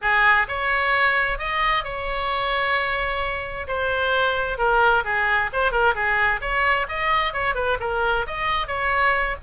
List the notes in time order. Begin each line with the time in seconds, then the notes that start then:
0.01 G#4
0.48 C#5
1.38 D#5
1.84 C#5
3.67 C5
4.58 A#4
5.04 G#4
5.53 C5
5.71 A#4
5.94 G#4
6.41 C#5
6.88 D#5
7.33 C#5
7.54 B4
7.80 A#4
8.27 D#5
8.67 C#5